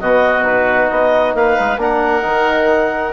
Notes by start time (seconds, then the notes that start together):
0.00 B2 B3 F#4 D#5
0.43 D#4 B4
0.89 B3 D#5
1.34 A#3 B4 F5
1.60 G#3
1.77 A#3 D4 A#4 F#5
2.23 D#3 D#4